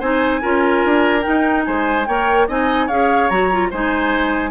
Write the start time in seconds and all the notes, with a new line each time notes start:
0.00 C4 D#4 C5 G#5
0.42 C#4 F4 A#4
0.85 D4
1.22 D#4 G5
1.65 G#3 C5 G#5
2.06 A#3 A#4 C#5 G5
2.48 C4 D#4 D#5 G#5
2.87 C#4 G#4 C#5 F5
3.29 F#3 F#4 A#5
3.52 F4
3.71 G#3 D#4 C5 G#5